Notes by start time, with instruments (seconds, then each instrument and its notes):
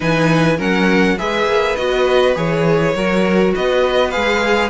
0.00 cello E3, viola D#4, violin B4 G#5
0.57 cello F#3, viola C#4, violin A#4 F#5
1.18 cello G#3, viola G#4, violin B4 E5
1.46 cello A#3
1.76 cello B3, viola F#4, violin D#5
2.34 cello E3, viola G#4, violin C#5
2.94 cello F#3, viola F#4, violin A#4
3.55 cello B3, violin B4 D#5
4.10 cello G#3, viola G#4, violin F5